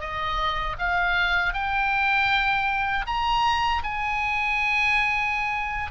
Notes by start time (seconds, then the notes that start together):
0.00 D#5
0.79 F5
1.54 G5
3.07 A#5
3.84 G#5